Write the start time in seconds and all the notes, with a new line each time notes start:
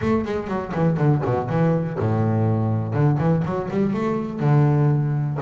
0.01 A3
0.25 G#3
0.47 F#3
0.74 E3
0.97 D3
1.25 B2
1.49 E3
1.98 A2
2.93 D3
3.18 E3
3.44 F#3
3.70 G3
3.93 A3
4.39 D3